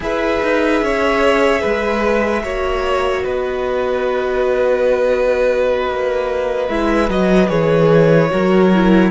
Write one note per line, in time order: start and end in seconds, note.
0.00 0.40 E4
0.00 2.41 G#4
0.00 0.84 B4
0.00 3.24 E5
0.42 0.81 D#4
0.81 1.62 C#4
0.81 1.61 C#5
1.61 2.44 G#3
1.61 2.42 B4
2.43 3.25 A#3
2.43 6.69 F#4
2.43 3.23 C#5
3.23 5.89 B3
3.23 8.30 B4
3.23 6.68 D#5
5.89 6.68 A#3
6.68 7.09 G#3
6.68 7.09 E4
6.68 7.09 E5
7.09 7.49 F#3
7.09 7.48 F#4
7.09 7.48 D#5
7.48 8.31 E3
7.48 8.29 G#4
7.48 9.11 C#5
8.30 9.11 F#3
8.30 8.70 F#4
8.30 9.11 A#4
8.74 9.11 E4